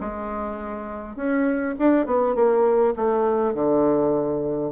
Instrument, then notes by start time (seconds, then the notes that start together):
bassoon
0.00 G#3
1.16 C#4
1.78 D4
2.06 B3
2.35 A#3
2.96 A3
3.54 D3